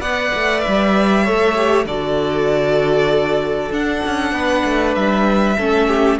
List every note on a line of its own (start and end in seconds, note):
0.00 0.31 B3
0.00 1.24 B4
0.00 1.24 D5
0.00 0.60 F#5
0.34 0.65 A3
0.60 1.84 E5
0.67 1.28 G3
1.24 1.85 A3
1.24 1.55 A4
1.24 1.86 C#5
1.55 1.86 G4
1.85 3.70 D3
1.85 3.71 F#4
1.85 4.33 A4
1.85 3.72 D5
3.70 4.01 D4
3.70 5.56 D4
3.70 4.95 F#5
4.06 4.32 C#4
4.32 4.63 B3
4.32 5.57 B4
4.64 4.95 A3
4.95 5.57 G3
4.95 6.18 E5
5.57 6.19 A3
5.57 6.19 C#4
5.57 5.87 A4
5.87 6.18 G4